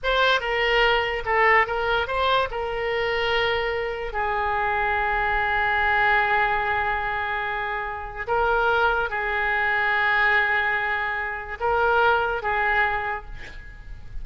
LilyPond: \new Staff \with { instrumentName = "oboe" } { \time 4/4 \tempo 4 = 145 c''4 ais'2 a'4 | ais'4 c''4 ais'2~ | ais'2 gis'2~ | gis'1~ |
gis'1 | ais'2 gis'2~ | gis'1 | ais'2 gis'2 | }